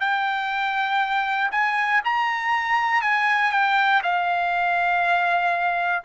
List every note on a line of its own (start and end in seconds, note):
0.00 1.50 G5
1.51 2.01 G#5
2.04 3.02 A#5
3.02 3.52 G#5
3.52 4.02 G5
4.03 6.03 F5